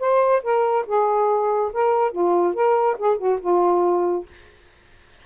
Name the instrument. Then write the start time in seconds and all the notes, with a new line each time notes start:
saxophone
0.00 C5
0.43 A#4
0.87 G#4
1.73 A#4
2.12 F4
2.55 A#4
2.99 G#4
3.18 F#4
3.41 F4